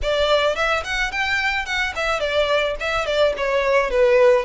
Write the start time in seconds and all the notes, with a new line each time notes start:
0.02 D5
0.55 E5
0.83 F#5
1.11 G5
1.65 F#5
1.95 E5
2.19 D5
2.80 E5
3.06 D5
3.37 C#5
3.90 B4